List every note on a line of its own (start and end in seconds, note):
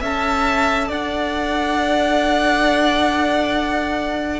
0.00 0.90 C#4
0.00 4.40 A4
0.00 0.88 E5
0.00 0.92 A5
0.88 4.40 D4
0.88 4.40 D5
0.88 4.40 F#5